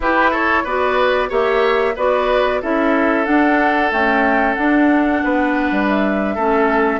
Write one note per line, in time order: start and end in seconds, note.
0.00 0.64 E4
0.00 0.66 E4
0.00 0.30 G4
0.00 0.33 B4
0.30 0.63 A4
0.30 0.65 C#5
0.63 1.30 B3
0.63 1.29 F#4
0.63 1.29 B4
0.63 1.31 D5
1.29 1.96 A#3
1.29 1.94 G4
1.29 1.94 C#5
1.29 1.96 E5
1.95 2.61 B3
1.95 2.61 F#4
1.95 2.60 B4
1.95 2.62 D5
2.61 3.27 C#4
2.61 3.25 E4
2.61 5.22 A4
2.61 3.25 E5
3.25 3.90 D4
3.25 3.92 D4
3.25 3.90 F#5
3.90 4.55 A3
3.90 4.57 C#4
3.90 4.54 G5
4.54 5.22 D4
4.54 6.37 D4
4.54 5.84 F#5
5.24 5.71 B3
5.24 6.34 B4
5.71 6.36 G3
5.88 6.99 E5
6.34 6.99 A3
6.34 6.99 C#4
6.34 6.99 A4